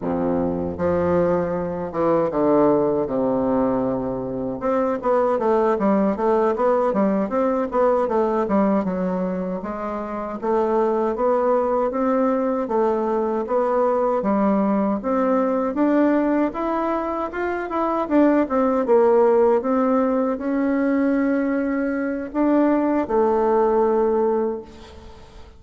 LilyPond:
\new Staff \with { instrumentName = "bassoon" } { \time 4/4 \tempo 4 = 78 f,4 f4. e8 d4 | c2 c'8 b8 a8 g8 | a8 b8 g8 c'8 b8 a8 g8 fis8~ | fis8 gis4 a4 b4 c'8~ |
c'8 a4 b4 g4 c'8~ | c'8 d'4 e'4 f'8 e'8 d'8 | c'8 ais4 c'4 cis'4.~ | cis'4 d'4 a2 | }